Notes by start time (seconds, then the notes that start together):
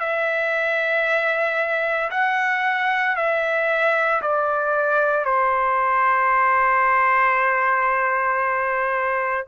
0.00 E5
2.11 F#5
3.16 E5
4.22 D5
5.25 C5